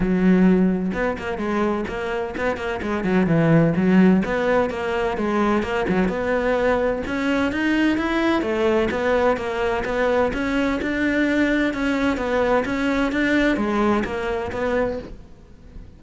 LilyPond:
\new Staff \with { instrumentName = "cello" } { \time 4/4 \tempo 4 = 128 fis2 b8 ais8 gis4 | ais4 b8 ais8 gis8 fis8 e4 | fis4 b4 ais4 gis4 | ais8 fis8 b2 cis'4 |
dis'4 e'4 a4 b4 | ais4 b4 cis'4 d'4~ | d'4 cis'4 b4 cis'4 | d'4 gis4 ais4 b4 | }